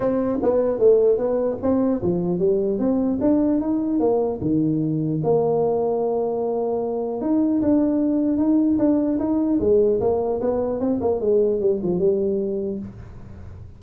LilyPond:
\new Staff \with { instrumentName = "tuba" } { \time 4/4 \tempo 4 = 150 c'4 b4 a4 b4 | c'4 f4 g4 c'4 | d'4 dis'4 ais4 dis4~ | dis4 ais2.~ |
ais2 dis'4 d'4~ | d'4 dis'4 d'4 dis'4 | gis4 ais4 b4 c'8 ais8 | gis4 g8 f8 g2 | }